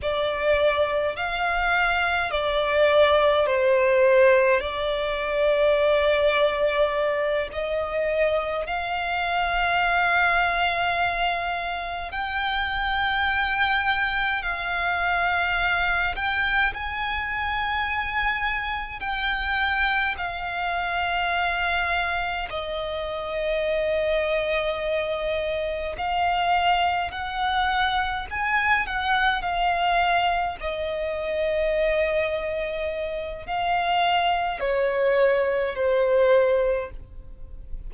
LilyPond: \new Staff \with { instrumentName = "violin" } { \time 4/4 \tempo 4 = 52 d''4 f''4 d''4 c''4 | d''2~ d''8 dis''4 f''8~ | f''2~ f''8 g''4.~ | g''8 f''4. g''8 gis''4.~ |
gis''8 g''4 f''2 dis''8~ | dis''2~ dis''8 f''4 fis''8~ | fis''8 gis''8 fis''8 f''4 dis''4.~ | dis''4 f''4 cis''4 c''4 | }